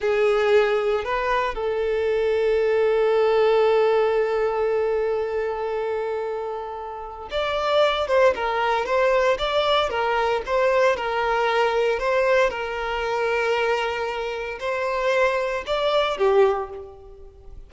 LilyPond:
\new Staff \with { instrumentName = "violin" } { \time 4/4 \tempo 4 = 115 gis'2 b'4 a'4~ | a'1~ | a'1~ | a'2 d''4. c''8 |
ais'4 c''4 d''4 ais'4 | c''4 ais'2 c''4 | ais'1 | c''2 d''4 g'4 | }